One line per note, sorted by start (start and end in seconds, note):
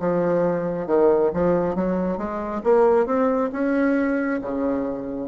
0.00 0.87 F3
0.87 1.31 D#3
1.34 1.76 F3
1.76 2.18 F#3
2.18 2.62 G#3
2.64 3.06 A#3
3.06 3.51 C4
3.53 4.41 C#4
4.42 5.29 C#3